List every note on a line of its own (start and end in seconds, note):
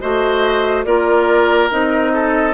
0.00 0.85 A3
0.00 0.85 F#4
0.00 0.86 C5
0.00 0.85 D#5
0.85 1.70 A#3
0.85 1.70 F4
0.85 2.13 A#4
0.85 1.69 D5
1.70 2.54 C4
1.70 2.54 D#4
1.70 2.54 D#5
2.14 2.54 A4